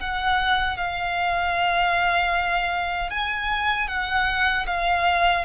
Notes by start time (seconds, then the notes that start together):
0.00 F#5
0.77 F5
3.10 G#5
3.88 F#5
4.66 F5